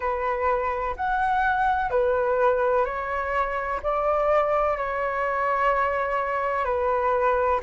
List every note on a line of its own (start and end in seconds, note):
0.00 0.95 B4
0.96 1.90 F#5
1.90 2.85 B4
2.85 3.80 C#5
3.83 4.77 D5
4.77 6.64 C#5
6.64 7.59 B4